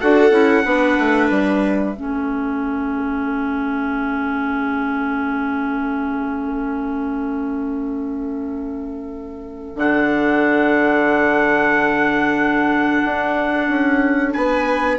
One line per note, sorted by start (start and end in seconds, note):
0.00 0.31 D4
0.00 0.30 F#4
0.00 0.65 A4
0.00 1.29 F#5
0.30 0.63 C#4
0.30 0.63 E4
0.65 0.98 B3
0.65 1.95 D4
0.65 1.96 B4
0.98 1.30 A3
1.29 1.95 G3
1.29 9.76 E5
1.96 9.76 A3
1.96 9.76 C#4
1.96 14.34 A4
9.76 13.02 D3
9.76 14.98 D4
9.76 14.33 F#5
13.05 13.69 D4
13.69 14.34 C#4
14.33 14.99 B3
14.33 14.99 B4
14.33 14.98 G#5